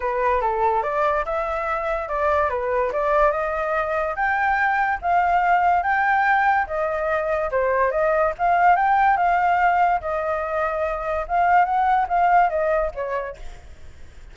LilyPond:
\new Staff \with { instrumentName = "flute" } { \time 4/4 \tempo 4 = 144 b'4 a'4 d''4 e''4~ | e''4 d''4 b'4 d''4 | dis''2 g''2 | f''2 g''2 |
dis''2 c''4 dis''4 | f''4 g''4 f''2 | dis''2. f''4 | fis''4 f''4 dis''4 cis''4 | }